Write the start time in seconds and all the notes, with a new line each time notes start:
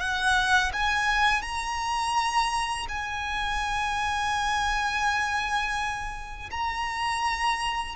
0.00 F#5
0.73 G#5
1.42 A#5
2.89 G#5
6.52 A#5